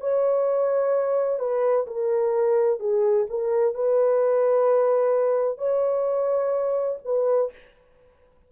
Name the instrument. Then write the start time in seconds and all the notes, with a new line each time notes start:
horn
0.00 C#5
1.39 B4
1.87 A#4
2.79 G#4
3.29 A#4
3.74 B4
5.58 C#5
7.04 B4